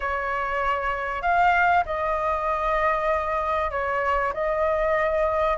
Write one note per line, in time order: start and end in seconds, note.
0.00 1.22 C#5
1.22 1.84 F5
1.85 3.70 D#5
3.70 4.32 C#5
4.33 5.57 D#5